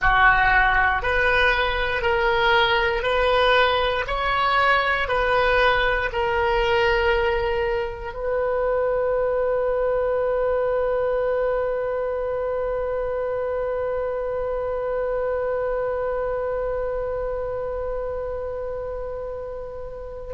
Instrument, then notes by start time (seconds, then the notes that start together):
oboe
0.00 F#4
1.02 B4
2.02 A#4
3.02 B4
4.07 C#5
5.08 B4
6.12 A#4
8.13 B4